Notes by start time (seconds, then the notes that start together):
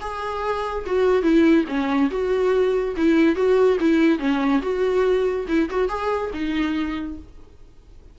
0.00 G#4
0.86 F#4
1.22 E4
1.67 C#4
2.10 F#4
2.96 E4
3.35 F#4
3.80 E4
4.19 C#4
4.62 F#4
5.48 E4
5.69 F#4
5.88 G#4
6.33 D#4